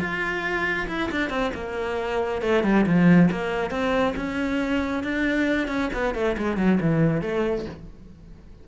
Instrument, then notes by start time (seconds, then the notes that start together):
cello
0.00 F4
0.88 E4
1.11 D4
1.30 C4
1.54 A#3
2.42 A3
2.64 G3
2.87 F3
3.31 A#3
3.71 C4
4.16 C#4
5.04 D4
5.68 C#4
5.94 B3
6.15 A3
6.38 G#3
6.57 F#3
6.81 E3
7.22 A3